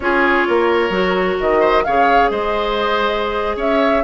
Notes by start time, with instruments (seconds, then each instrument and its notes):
0.00 bassoon C#4, clarinet F4, oboe G#4, flute C#5
0.47 bassoon A#3, oboe A#4
0.89 bassoon F#3, clarinet F#4
1.40 bassoon D#3, flute D#5
1.59 oboe C5
1.84 bassoon C#3, clarinet G#4, oboe C#5, flute F5
2.30 bassoon G#3, oboe C5, flute D#5
3.56 bassoon C#4, oboe C#5, flute E5